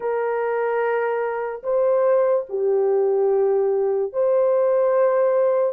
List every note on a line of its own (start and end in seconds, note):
0.00 1.62 A#4
1.63 2.45 C5
2.49 4.12 G4
4.12 5.73 C5